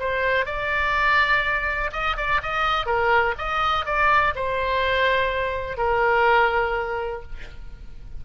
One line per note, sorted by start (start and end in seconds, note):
0.00 0.46 C5
0.46 1.91 D5
1.93 2.17 D#5
2.17 2.41 D5
2.43 2.86 D#5
2.86 3.35 A#4
3.38 3.86 D#5
3.86 4.34 D5
4.36 5.78 C5
5.78 7.23 A#4